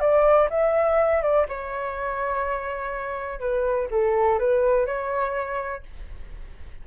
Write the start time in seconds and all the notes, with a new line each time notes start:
0.00 D5
0.49 E5
1.22 D5
1.48 C#5
3.40 B4
3.90 A4
4.39 B4
4.86 C#5